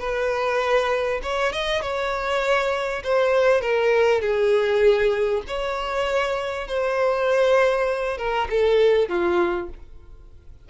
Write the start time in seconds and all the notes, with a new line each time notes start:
0.00 B4
1.23 C#5
1.53 D#5
1.82 C#5
3.04 C5
3.61 A#4
4.21 G#4
5.48 C#5
6.68 C5
8.18 A#4
8.51 A4
9.09 F4